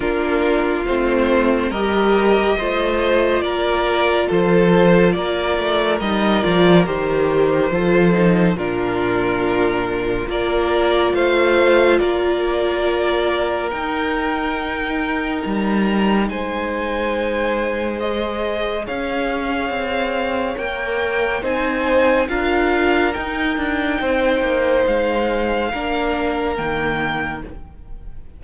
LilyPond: <<
  \new Staff \with { instrumentName = "violin" } { \time 4/4 \tempo 4 = 70 ais'4 c''4 dis''2 | d''4 c''4 d''4 dis''8 d''8 | c''2 ais'2 | d''4 f''4 d''2 |
g''2 ais''4 gis''4~ | gis''4 dis''4 f''2 | g''4 gis''4 f''4 g''4~ | g''4 f''2 g''4 | }
  \new Staff \with { instrumentName = "violin" } { \time 4/4 f'2 ais'4 c''4 | ais'4 a'4 ais'2~ | ais'4 a'4 f'2 | ais'4 c''4 ais'2~ |
ais'2. c''4~ | c''2 cis''2~ | cis''4 c''4 ais'2 | c''2 ais'2 | }
  \new Staff \with { instrumentName = "viola" } { \time 4/4 d'4 c'4 g'4 f'4~ | f'2. dis'8 f'8 | g'4 f'8 dis'8 d'2 | f'1 |
dis'1~ | dis'4 gis'2. | ais'4 dis'4 f'4 dis'4~ | dis'2 d'4 ais4 | }
  \new Staff \with { instrumentName = "cello" } { \time 4/4 ais4 a4 g4 a4 | ais4 f4 ais8 a8 g8 f8 | dis4 f4 ais,2 | ais4 a4 ais2 |
dis'2 g4 gis4~ | gis2 cis'4 c'4 | ais4 c'4 d'4 dis'8 d'8 | c'8 ais8 gis4 ais4 dis4 | }
>>